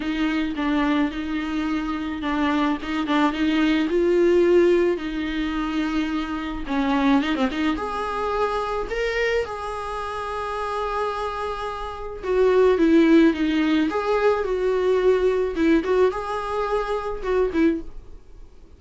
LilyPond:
\new Staff \with { instrumentName = "viola" } { \time 4/4 \tempo 4 = 108 dis'4 d'4 dis'2 | d'4 dis'8 d'8 dis'4 f'4~ | f'4 dis'2. | cis'4 dis'16 c'16 dis'8 gis'2 |
ais'4 gis'2.~ | gis'2 fis'4 e'4 | dis'4 gis'4 fis'2 | e'8 fis'8 gis'2 fis'8 e'8 | }